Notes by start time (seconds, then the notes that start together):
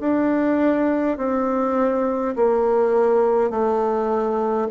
0.00 D4
1.17 C4
2.35 A#3
3.50 A3